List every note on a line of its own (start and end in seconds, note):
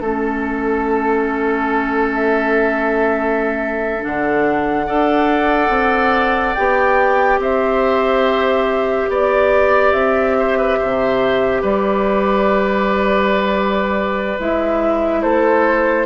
0.00 4.02 A3
0.00 4.01 C#4
0.00 2.11 A4
0.00 4.86 A4
2.13 4.03 E5
4.01 4.89 D3
4.01 4.86 D4
4.01 6.54 F#5
4.86 5.69 D4
4.86 6.55 A4
4.86 7.39 D5
5.69 6.53 C4
6.54 7.38 B3
6.54 14.38 G4
6.54 7.38 G5
7.38 9.07 C4
7.38 9.10 C5
7.38 9.11 E5
9.08 9.93 B3
9.08 10.36 D5
9.08 9.92 D5
9.92 10.77 C4
9.92 11.61 E5
10.39 10.58 C5
10.58 10.78 B4
10.78 11.62 C3
10.78 11.61 C5
11.61 14.37 G3
11.61 15.20 B4
11.61 14.39 D5
14.39 15.23 G#3
14.39 16.06 E4
14.39 15.21 E5
15.21 16.06 A3
15.21 16.06 A4
15.21 16.06 C5